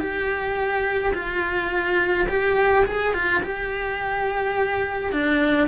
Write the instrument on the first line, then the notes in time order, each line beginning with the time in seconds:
cello
0.00 G4
1.14 F4
2.29 G4
2.86 G#4
3.14 F4
3.43 G4
5.13 D4